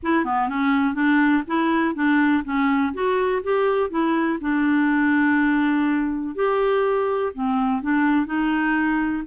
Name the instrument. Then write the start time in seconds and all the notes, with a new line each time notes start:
clarinet
0.02 E4
0.24 B3
0.49 C#4
0.94 D4
1.47 E4
1.95 D4
2.44 C#4
2.93 F#4
3.43 G4
3.90 E4
4.41 D4
6.35 G4
7.34 C4
7.82 D4
8.25 D#4